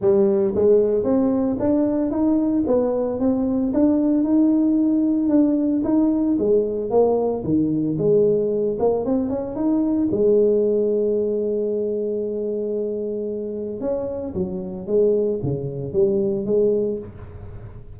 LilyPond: \new Staff \with { instrumentName = "tuba" } { \time 4/4 \tempo 4 = 113 g4 gis4 c'4 d'4 | dis'4 b4 c'4 d'4 | dis'2 d'4 dis'4 | gis4 ais4 dis4 gis4~ |
gis8 ais8 c'8 cis'8 dis'4 gis4~ | gis1~ | gis2 cis'4 fis4 | gis4 cis4 g4 gis4 | }